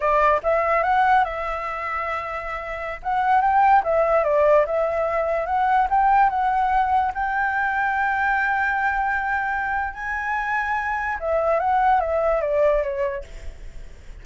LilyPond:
\new Staff \with { instrumentName = "flute" } { \time 4/4 \tempo 4 = 145 d''4 e''4 fis''4 e''4~ | e''2.~ e''16 fis''8.~ | fis''16 g''4 e''4 d''4 e''8.~ | e''4~ e''16 fis''4 g''4 fis''8.~ |
fis''4~ fis''16 g''2~ g''8.~ | g''1 | gis''2. e''4 | fis''4 e''4 d''4 cis''4 | }